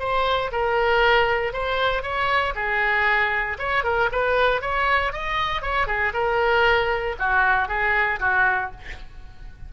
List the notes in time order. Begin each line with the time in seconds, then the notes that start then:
0.00 C5
0.52 A#4
1.53 C5
2.03 C#5
2.55 G#4
3.59 C#5
3.84 A#4
4.12 B4
4.62 C#5
5.13 D#5
5.62 C#5
5.87 G#4
6.14 A#4
7.20 F#4
7.69 G#4
8.20 F#4